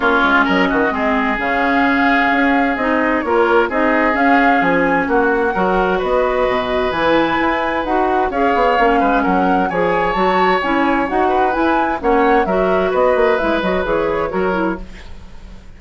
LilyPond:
<<
  \new Staff \with { instrumentName = "flute" } { \time 4/4 \tempo 4 = 130 cis''4 dis''2 f''4~ | f''2 dis''4 cis''4 | dis''4 f''4 gis''4 fis''4~ | fis''4 dis''2 gis''4~ |
gis''4 fis''4 f''2 | fis''4 gis''4 a''4 gis''4 | fis''4 gis''4 fis''4 e''4 | dis''4 e''8 dis''8 cis''2 | }
  \new Staff \with { instrumentName = "oboe" } { \time 4/4 f'4 ais'8 fis'8 gis'2~ | gis'2. ais'4 | gis'2. fis'4 | ais'4 b'2.~ |
b'2 cis''4. b'8 | ais'4 cis''2.~ | cis''8 b'4. cis''4 ais'4 | b'2. ais'4 | }
  \new Staff \with { instrumentName = "clarinet" } { \time 4/4 cis'2 c'4 cis'4~ | cis'2 dis'4 f'4 | dis'4 cis'2. | fis'2. e'4~ |
e'4 fis'4 gis'4 cis'4~ | cis'4 gis'4 fis'4 e'4 | fis'4 e'4 cis'4 fis'4~ | fis'4 e'8 fis'8 gis'4 fis'8 e'8 | }
  \new Staff \with { instrumentName = "bassoon" } { \time 4/4 ais8 gis8 fis8 dis8 gis4 cis4~ | cis4 cis'4 c'4 ais4 | c'4 cis'4 f4 ais4 | fis4 b4 b,4 e4 |
e'4 dis'4 cis'8 b8 ais8 gis8 | fis4 f4 fis4 cis'4 | dis'4 e'4 ais4 fis4 | b8 ais8 gis8 fis8 e4 fis4 | }
>>